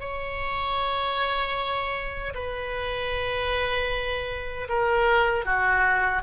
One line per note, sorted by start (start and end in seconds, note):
0.00 2.34 C#5
2.34 4.68 B4
4.69 5.45 A#4
5.45 6.22 F#4